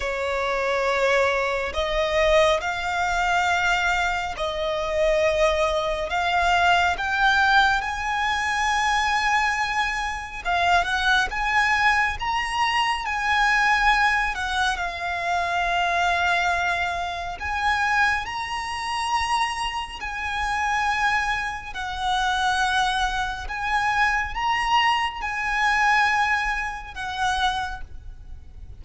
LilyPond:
\new Staff \with { instrumentName = "violin" } { \time 4/4 \tempo 4 = 69 cis''2 dis''4 f''4~ | f''4 dis''2 f''4 | g''4 gis''2. | f''8 fis''8 gis''4 ais''4 gis''4~ |
gis''8 fis''8 f''2. | gis''4 ais''2 gis''4~ | gis''4 fis''2 gis''4 | ais''4 gis''2 fis''4 | }